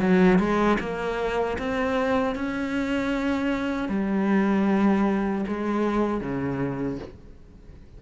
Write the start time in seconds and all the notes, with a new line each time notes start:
0.00 F#3
0.39 G#3
0.80 A#3
1.58 C4
2.35 C#4
3.89 G3
5.48 G#3
6.21 C#3